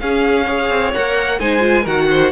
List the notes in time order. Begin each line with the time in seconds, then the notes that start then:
0.00 C#4 G#4 F5
0.47 G#4 C#5
0.70 C4
0.94 A#3 A#4 F#5
1.40 G#3 D#4 C5 G#5
1.60 F4
1.83 D#3 F#4 A#4 F#5
2.10 C5